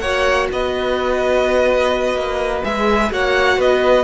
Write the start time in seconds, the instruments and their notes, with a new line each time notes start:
0.00 cello A#3, viola F#4, violin C#5 F#5
0.52 cello B3, violin B4 D#5
2.16 cello A#3
2.64 cello G#3, viola G#4, violin E5
3.12 cello A#3, viola F#4, violin C#5 F#5
3.58 cello B3, violin B4 D#5